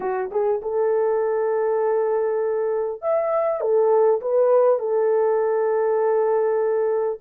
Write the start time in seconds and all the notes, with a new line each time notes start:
0.00 F#4
0.31 G#4
0.62 A4
3.01 E5
3.60 A4
4.21 B4
4.79 A4